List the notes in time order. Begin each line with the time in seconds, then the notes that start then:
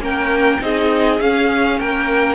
0.00 A#3 C#4 A#4 G5
0.61 C4 D#4 G#4 D#5
1.21 C#4 F5
1.80 A#3 A#4 G5